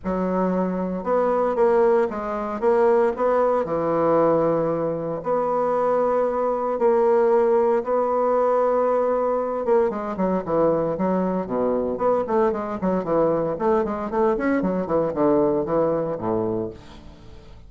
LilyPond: \new Staff \with { instrumentName = "bassoon" } { \time 4/4 \tempo 4 = 115 fis2 b4 ais4 | gis4 ais4 b4 e4~ | e2 b2~ | b4 ais2 b4~ |
b2~ b8 ais8 gis8 fis8 | e4 fis4 b,4 b8 a8 | gis8 fis8 e4 a8 gis8 a8 cis'8 | fis8 e8 d4 e4 a,4 | }